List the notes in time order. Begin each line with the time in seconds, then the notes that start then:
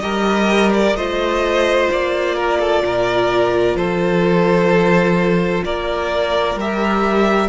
0.00 G3 G4 A#4 D#5
0.73 D5
0.94 A3 F4 C5 D#5
1.91 A#3 D5
2.35 A#4
2.59 A4
2.82 A#2 A#4
3.75 F3 A4 C5
5.64 A#3 A#4 D5
6.55 G3 G4 E5